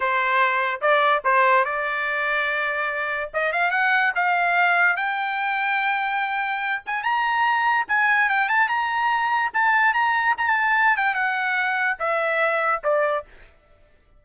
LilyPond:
\new Staff \with { instrumentName = "trumpet" } { \time 4/4 \tempo 4 = 145 c''2 d''4 c''4 | d''1 | dis''8 f''8 fis''4 f''2 | g''1~ |
g''8 gis''8 ais''2 gis''4 | g''8 a''8 ais''2 a''4 | ais''4 a''4. g''8 fis''4~ | fis''4 e''2 d''4 | }